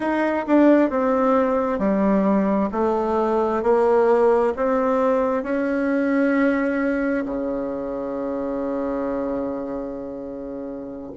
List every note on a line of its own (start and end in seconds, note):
0.00 0.45 D#4
0.47 0.90 D4
0.90 1.79 C4
1.79 2.69 G3
2.72 3.62 A3
3.62 4.53 A#3
4.56 5.43 C4
5.43 7.24 C#4
7.25 11.12 C#3